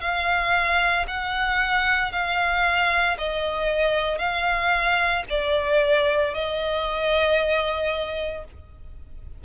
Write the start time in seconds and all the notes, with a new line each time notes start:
0.00 F5
1.08 F#5
2.12 F5
3.18 D#5
4.18 F5
5.29 D5
6.34 D#5